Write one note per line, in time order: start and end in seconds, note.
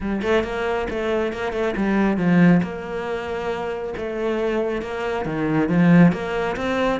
0.00 0.22 G3
0.22 0.43 A3
0.43 0.87 A#3
0.90 1.33 A3
1.33 1.52 A#3
1.52 1.74 A3
1.76 2.17 G3
2.17 2.61 F3
2.62 3.94 A#3
3.97 4.82 A3
4.82 5.25 A#3
5.25 5.69 D#3
5.69 6.12 F3
6.12 6.56 A#3
6.56 7.00 C4